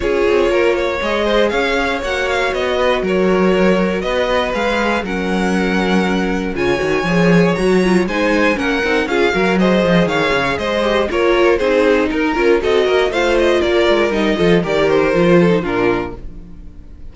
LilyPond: <<
  \new Staff \with { instrumentName = "violin" } { \time 4/4 \tempo 4 = 119 cis''2 dis''4 f''4 | fis''8 f''8 dis''4 cis''2 | dis''4 f''4 fis''2~ | fis''4 gis''2 ais''4 |
gis''4 fis''4 f''4 dis''4 | f''4 dis''4 cis''4 c''4 | ais'4 dis''4 f''8 dis''8 d''4 | dis''4 d''8 c''4. ais'4 | }
  \new Staff \with { instrumentName = "violin" } { \time 4/4 gis'4 ais'8 cis''4 c''8 cis''4~ | cis''4. b'8 ais'2 | b'2 ais'2~ | ais'4 cis''2. |
c''4 ais'4 gis'8 ais'8 c''4 | cis''4 c''4 ais'4 gis'4 | ais'4 a'8 ais'8 c''4 ais'4~ | ais'8 a'8 ais'4. a'8 f'4 | }
  \new Staff \with { instrumentName = "viola" } { \time 4/4 f'2 gis'2 | fis'1~ | fis'4 gis'4 cis'2~ | cis'4 f'8 fis'8 gis'4 fis'8 f'8 |
dis'4 cis'8 dis'8 f'8 fis'8 gis'4~ | gis'4. g'8 f'4 dis'4~ | dis'8 f'8 fis'4 f'2 | dis'8 f'8 g'4 f'8. dis'16 d'4 | }
  \new Staff \with { instrumentName = "cello" } { \time 4/4 cis'8 c'8 ais4 gis4 cis'4 | ais4 b4 fis2 | b4 gis4 fis2~ | fis4 cis8 dis8 f4 fis4 |
gis4 ais8 c'8 cis'8 fis4 f8 | dis8 cis8 gis4 ais4 c'4 | dis'8 cis'8 c'8 ais8 a4 ais8 gis8 | g8 f8 dis4 f4 ais,4 | }
>>